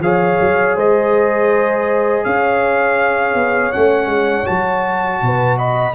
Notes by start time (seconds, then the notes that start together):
0.00 F3 G#4 C#5 F5
0.40 F#3
0.76 G#3 C5 D#5
2.24 C#4 C#5 F5
3.34 B3
3.72 A3 C#4 F#5
4.07 G#3
4.45 F#3 F#4 A5
5.22 B2 B4
5.58 D#5 B5